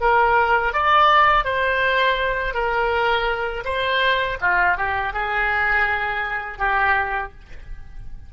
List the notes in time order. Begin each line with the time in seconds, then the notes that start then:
0.00 A#4
0.73 D5
1.44 C5
2.54 A#4
3.65 C5
4.41 F4
4.77 G4
5.13 G#4
6.58 G4